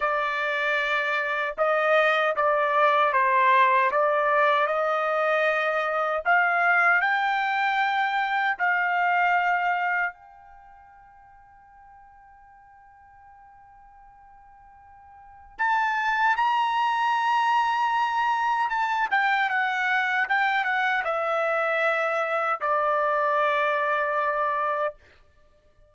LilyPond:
\new Staff \with { instrumentName = "trumpet" } { \time 4/4 \tempo 4 = 77 d''2 dis''4 d''4 | c''4 d''4 dis''2 | f''4 g''2 f''4~ | f''4 g''2.~ |
g''1 | a''4 ais''2. | a''8 g''8 fis''4 g''8 fis''8 e''4~ | e''4 d''2. | }